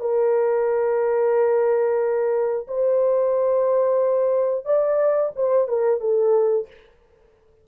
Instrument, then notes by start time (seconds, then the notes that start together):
horn
0.00 A#4
2.68 C5
4.65 D5
5.36 C5
5.68 A#4
6.01 A4